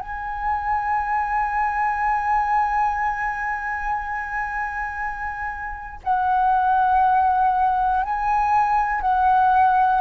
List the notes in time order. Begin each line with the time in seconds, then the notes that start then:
0.00 G#5
6.03 F#5
8.03 G#5
9.01 F#5